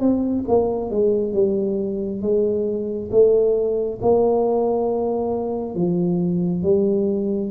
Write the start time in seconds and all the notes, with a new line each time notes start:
0.00 C4
0.48 A#3
0.90 G#3
1.33 G3
2.21 G#3
3.11 A3
4.01 A#3
5.75 F3
6.63 G3